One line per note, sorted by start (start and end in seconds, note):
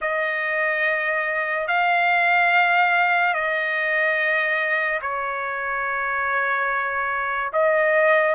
0.01 1.67 D#5
1.67 3.33 F5
3.33 5.00 D#5
5.02 7.52 C#5
7.52 8.35 D#5